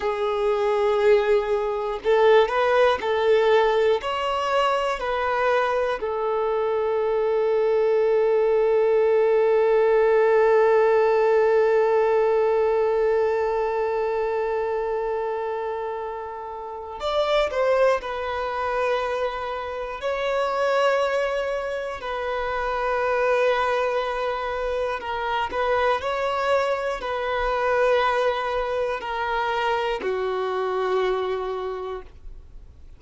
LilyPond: \new Staff \with { instrumentName = "violin" } { \time 4/4 \tempo 4 = 60 gis'2 a'8 b'8 a'4 | cis''4 b'4 a'2~ | a'1~ | a'1~ |
a'4 d''8 c''8 b'2 | cis''2 b'2~ | b'4 ais'8 b'8 cis''4 b'4~ | b'4 ais'4 fis'2 | }